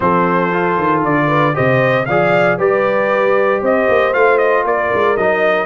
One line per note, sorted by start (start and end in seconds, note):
0.00 0.78 F3
0.00 0.51 C4
0.00 1.27 A4
0.00 1.02 C5
0.51 1.53 F4
0.78 1.03 D#3
1.04 1.55 D3
1.04 1.55 D5
1.27 1.53 B4
1.53 2.09 C3
1.53 2.05 G4
1.53 2.07 C5
1.53 2.05 D#5
2.05 2.59 F3
2.05 2.58 G#4
2.05 2.58 D5
2.05 2.57 F5
2.58 3.62 G3
2.58 4.13 G4
2.58 3.61 B4
2.58 3.63 D5
3.61 3.87 C4
3.61 4.64 C5
3.61 4.13 D#5
3.88 4.14 A#3
4.13 4.64 A3
4.13 5.16 F4
4.13 4.38 F5
4.38 4.64 D#5
4.64 4.90 A#3
4.64 5.66 A#4
4.64 5.17 D5
4.94 5.17 G#3
5.17 5.66 F#3
5.17 5.66 D#4
5.17 5.66 D#5